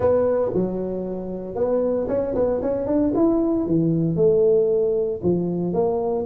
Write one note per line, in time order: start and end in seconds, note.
0.00 0.52 B3
0.54 1.55 F#3
1.55 2.07 B3
2.08 2.34 C#4
2.35 2.61 B3
2.61 2.86 C#4
2.86 3.12 D4
3.14 3.66 E4
3.66 4.16 E3
4.16 5.20 A3
5.22 5.73 F3
5.73 6.25 A#3